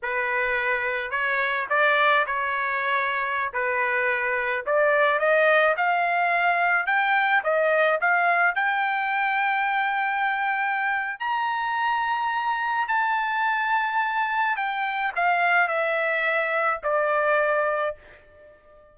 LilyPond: \new Staff \with { instrumentName = "trumpet" } { \time 4/4 \tempo 4 = 107 b'2 cis''4 d''4 | cis''2~ cis''16 b'4.~ b'16~ | b'16 d''4 dis''4 f''4.~ f''16~ | f''16 g''4 dis''4 f''4 g''8.~ |
g''1 | ais''2. a''4~ | a''2 g''4 f''4 | e''2 d''2 | }